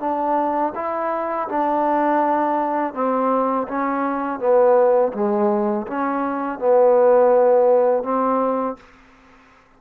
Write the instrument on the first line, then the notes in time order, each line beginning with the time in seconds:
trombone
0.00 D4
0.75 E4
1.49 D4
2.94 C4
3.68 C#4
4.39 B3
5.14 G#3
5.87 C#4
6.60 B3
8.04 C4